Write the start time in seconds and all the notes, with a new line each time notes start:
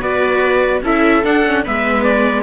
0.00 B3 F#4 B4 D5
0.82 C#4 E4 A4 E5
1.23 D4 F#5
1.46 C#4
1.64 G#3 B3 B4 E5
2.03 D5